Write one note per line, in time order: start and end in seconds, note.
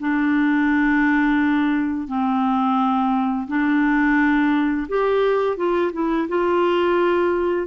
0.00 2.07 D4
2.07 3.47 C4
3.48 4.87 D4
4.88 5.57 G4
5.57 5.92 F4
5.93 6.28 E4
6.29 7.67 F4